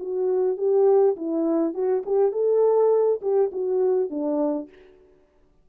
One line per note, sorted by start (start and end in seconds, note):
0.00 0.58 F#4
0.58 1.17 G4
1.17 1.74 E4
1.74 2.04 F#4
2.06 2.32 G4
2.32 3.21 A4
3.22 3.52 G4
3.52 4.10 F#4
4.10 4.69 D4